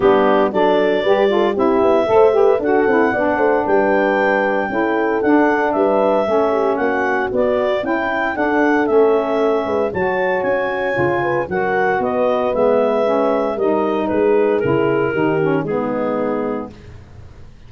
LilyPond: <<
  \new Staff \with { instrumentName = "clarinet" } { \time 4/4 \tempo 4 = 115 g'4 d''2 e''4~ | e''4 fis''2 g''4~ | g''2 fis''4 e''4~ | e''4 fis''4 d''4 g''4 |
fis''4 e''2 a''4 | gis''2 fis''4 dis''4 | e''2 dis''4 b'4 | ais'2 gis'2 | }
  \new Staff \with { instrumentName = "horn" } { \time 4/4 d'4 a'4 b'8 a'8 g'4 | c''8 b'8 a'4 d''8 c''8 b'4~ | b'4 a'2 b'4 | a'8 g'8 fis'2 e'4 |
a'2~ a'8 b'8 cis''4~ | cis''4. b'8 ais'4 b'4~ | b'2 ais'4 gis'4~ | gis'4 g'4 dis'2 | }
  \new Staff \with { instrumentName = "saxophone" } { \time 4/4 b4 d'4 g'8 f'8 e'4 | a'8 g'8 fis'8 e'8 d'2~ | d'4 e'4 d'2 | cis'2 b4 e'4 |
d'4 cis'2 fis'4~ | fis'4 f'4 fis'2 | b4 cis'4 dis'2 | e'4 dis'8 cis'8 b2 | }
  \new Staff \with { instrumentName = "tuba" } { \time 4/4 g4 fis4 g4 c'8 b8 | a4 d'8 c'8 b8 a8 g4~ | g4 cis'4 d'4 g4 | a4 ais4 b4 cis'4 |
d'4 a4. gis8 fis4 | cis'4 cis4 fis4 b4 | gis2 g4 gis4 | cis4 dis4 gis2 | }
>>